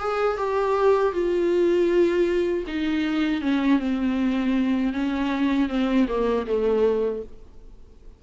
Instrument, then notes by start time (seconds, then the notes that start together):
viola
0.00 G#4
0.37 G4
1.13 F4
2.67 D#4
3.41 C#4
3.79 C4
4.93 C#4
5.69 C4
6.08 A#3
6.47 A3